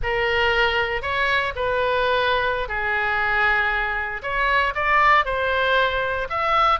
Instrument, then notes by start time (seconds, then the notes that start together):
oboe
0.02 A#4
1.01 C#5
1.55 B4
2.68 G#4
4.22 C#5
4.74 D5
5.25 C5
6.29 E5